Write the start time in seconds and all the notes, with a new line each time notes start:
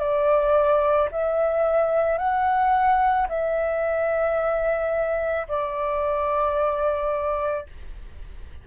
0.00 D5
1.12 E5
2.18 F#5
3.29 E5
5.48 D5